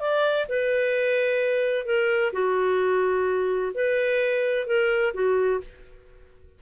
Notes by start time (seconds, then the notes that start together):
0.00 D5
0.48 B4
1.85 A#4
2.32 F#4
3.74 B4
4.66 A#4
5.13 F#4